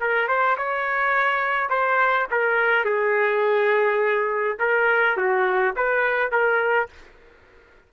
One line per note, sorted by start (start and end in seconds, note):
0.00 0.28 A#4
0.28 0.57 C5
0.57 1.70 C#5
1.70 2.27 C5
2.31 2.85 A#4
2.85 4.58 G#4
4.59 5.17 A#4
5.17 5.75 F#4
5.76 6.31 B4
6.31 6.89 A#4